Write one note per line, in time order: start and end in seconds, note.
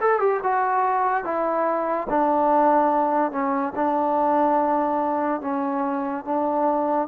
0.00 0.19 A4
0.19 0.40 G4
0.43 1.24 F#4
1.24 2.07 E4
2.09 3.31 D4
3.31 3.73 C#4
3.75 5.41 D4
5.41 6.24 C#4
6.24 7.08 D4